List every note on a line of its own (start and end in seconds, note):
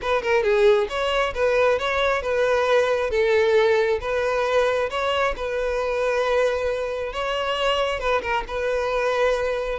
0.01 0.22 B4
0.22 0.43 A#4
0.43 0.87 G#4
0.89 1.33 C#5
1.34 1.78 B4
1.78 2.22 C#5
2.22 3.10 B4
3.10 3.99 A4
4.00 4.89 B4
4.90 5.34 C#5
5.36 7.12 B4
7.12 7.99 C#5
7.99 8.21 B4
8.21 8.44 A#4
8.47 9.79 B4